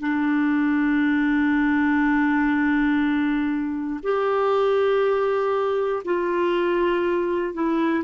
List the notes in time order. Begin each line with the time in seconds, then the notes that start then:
0.00 D4
4.03 G4
6.05 F4
7.54 E4